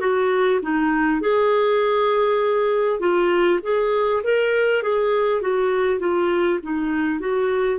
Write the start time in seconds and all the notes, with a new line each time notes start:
0.00 F#4
0.62 D#4
1.21 G#4
2.99 F4
3.62 G#4
4.23 A#4
4.82 G#4
5.41 F#4
5.99 F4
6.62 D#4
7.19 F#4